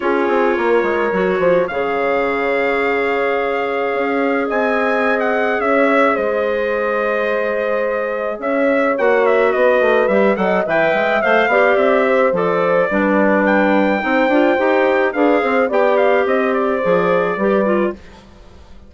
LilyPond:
<<
  \new Staff \with { instrumentName = "trumpet" } { \time 4/4 \tempo 4 = 107 cis''2. f''4~ | f''1 | gis''4~ gis''16 fis''8. e''4 dis''4~ | dis''2. e''4 |
fis''8 e''8 dis''4 e''8 fis''8 g''4 | f''4 e''4 d''2 | g''2. f''4 | g''8 f''8 dis''8 d''2~ d''8 | }
  \new Staff \with { instrumentName = "horn" } { \time 4/4 gis'4 ais'4. c''8 cis''4~ | cis''1 | dis''2 cis''4 c''4~ | c''2. cis''4~ |
cis''4 b'4. dis''8 e''4~ | e''8 d''4 c''4. b'4~ | b'4 c''2 b'8 c''8 | d''4 c''2 b'4 | }
  \new Staff \with { instrumentName = "clarinet" } { \time 4/4 f'2 fis'4 gis'4~ | gis'1~ | gis'1~ | gis'1 |
fis'2 g'8 a'8 b'4 | c''8 g'4. a'4 d'4~ | d'4 dis'8 f'8 g'4 gis'4 | g'2 gis'4 g'8 f'8 | }
  \new Staff \with { instrumentName = "bassoon" } { \time 4/4 cis'8 c'8 ais8 gis8 fis8 f8 cis4~ | cis2. cis'4 | c'2 cis'4 gis4~ | gis2. cis'4 |
ais4 b8 a8 g8 fis8 e8 gis8 | a8 b8 c'4 f4 g4~ | g4 c'8 d'8 dis'4 d'8 c'8 | b4 c'4 f4 g4 | }
>>